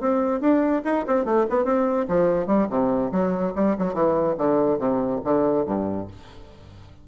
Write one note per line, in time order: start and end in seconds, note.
0.00 0.40 C4
0.40 0.82 D4
0.84 1.05 D#4
1.06 1.25 C4
1.25 1.45 A3
1.49 1.64 B3
1.64 2.06 C4
2.08 2.46 F3
2.46 2.67 G3
2.70 3.11 C3
3.11 3.53 F#3
3.55 3.76 G3
3.78 3.93 F#3
3.93 4.35 E3
4.37 4.78 D3
4.78 5.20 C3
5.24 5.65 D3
5.65 6.07 G2